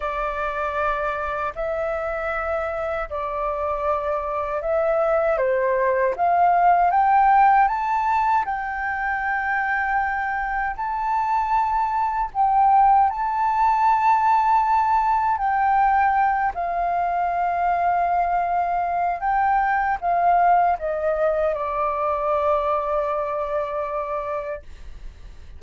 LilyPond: \new Staff \with { instrumentName = "flute" } { \time 4/4 \tempo 4 = 78 d''2 e''2 | d''2 e''4 c''4 | f''4 g''4 a''4 g''4~ | g''2 a''2 |
g''4 a''2. | g''4. f''2~ f''8~ | f''4 g''4 f''4 dis''4 | d''1 | }